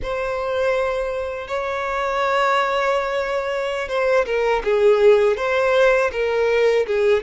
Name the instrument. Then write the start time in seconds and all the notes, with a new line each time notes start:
violin
0.02 C5
1.47 C#5
3.88 C5
4.25 A#4
4.64 G#4
5.36 C5
6.11 A#4
6.86 G#4